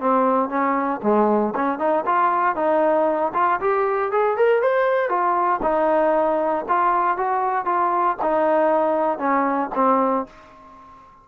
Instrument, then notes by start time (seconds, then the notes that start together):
trombone
0.00 C4
0.49 C#4
1.03 G#3
1.55 C#4
1.79 D#4
2.06 F4
2.56 D#4
3.34 F4
3.60 G4
4.12 G#4
4.37 A#4
4.62 C5
5.09 F4
5.62 D#4
6.68 F4
7.17 F#4
7.65 F4
8.22 D#4
9.18 C#4
9.75 C4